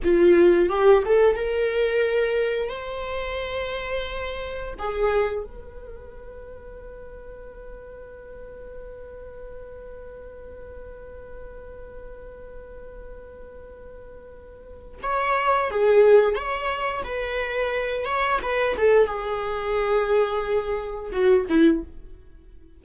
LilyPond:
\new Staff \with { instrumentName = "viola" } { \time 4/4 \tempo 4 = 88 f'4 g'8 a'8 ais'2 | c''2. gis'4 | b'1~ | b'1~ |
b'1~ | b'2 cis''4 gis'4 | cis''4 b'4. cis''8 b'8 a'8 | gis'2. fis'8 e'8 | }